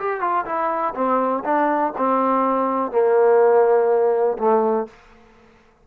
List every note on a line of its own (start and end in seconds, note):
0.00 0.21 G4
0.21 0.45 F4
0.45 0.94 E4
0.95 1.44 C4
1.45 1.93 D4
1.98 2.92 C4
2.92 4.38 A#3
4.39 4.87 A3